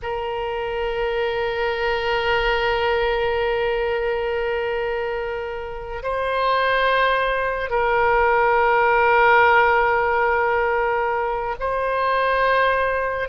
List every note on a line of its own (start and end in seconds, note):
0.02 6.02 A#4
6.02 7.69 C5
7.69 11.55 A#4
11.59 13.28 C5